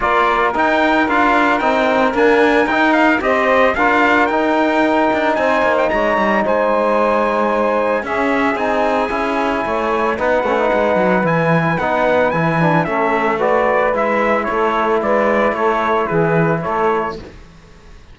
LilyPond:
<<
  \new Staff \with { instrumentName = "trumpet" } { \time 4/4 \tempo 4 = 112 d''4 g''4 f''4 g''4 | gis''4 g''8 f''8 dis''4 f''4 | g''2 gis''8. g''16 ais''4 | gis''2. e''4 |
gis''2. fis''4~ | fis''4 gis''4 fis''4 gis''4 | e''4 d''4 e''4 cis''4 | d''4 cis''4 b'4 cis''4 | }
  \new Staff \with { instrumentName = "saxophone" } { \time 4/4 ais'1~ | ais'2 c''4 ais'4~ | ais'2 c''4 cis''4 | c''2. gis'4~ |
gis'2 cis''4 b'4~ | b'1 | a'4 b'2 a'4 | b'4 a'4 gis'4 a'4 | }
  \new Staff \with { instrumentName = "trombone" } { \time 4/4 f'4 dis'4 f'4 dis'4 | ais4 dis'4 g'4 f'4 | dis'1~ | dis'2. cis'4 |
dis'4 e'2 dis'8 cis'16 dis'16~ | dis'4 e'4 dis'4 e'8 d'8 | cis'4 fis'4 e'2~ | e'1 | }
  \new Staff \with { instrumentName = "cello" } { \time 4/4 ais4 dis'4 d'4 c'4 | d'4 dis'4 c'4 d'4 | dis'4. d'8 c'8 ais8 gis8 g8 | gis2. cis'4 |
c'4 cis'4 a4 b8 a8 | gis8 fis8 e4 b4 e4 | a2 gis4 a4 | gis4 a4 e4 a4 | }
>>